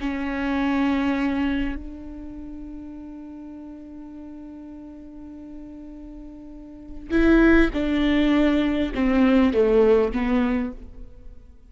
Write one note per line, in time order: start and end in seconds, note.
0.00 1.75 C#4
1.75 7.10 D4
7.10 7.70 E4
7.73 8.92 D4
8.94 9.53 C4
9.53 10.12 A3
10.13 10.72 B3